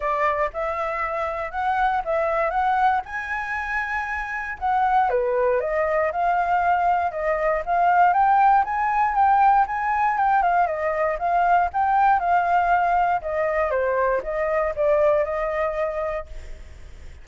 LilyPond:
\new Staff \with { instrumentName = "flute" } { \time 4/4 \tempo 4 = 118 d''4 e''2 fis''4 | e''4 fis''4 gis''2~ | gis''4 fis''4 b'4 dis''4 | f''2 dis''4 f''4 |
g''4 gis''4 g''4 gis''4 | g''8 f''8 dis''4 f''4 g''4 | f''2 dis''4 c''4 | dis''4 d''4 dis''2 | }